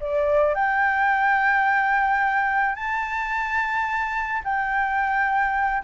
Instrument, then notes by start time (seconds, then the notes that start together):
flute
0.00 D5
0.55 G5
2.76 A5
4.44 G5